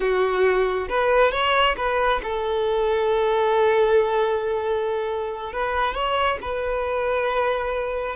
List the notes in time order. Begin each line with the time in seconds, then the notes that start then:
0.00 F#4
0.89 B4
1.31 C#5
1.76 B4
2.23 A4
5.52 B4
5.94 C#5
6.41 B4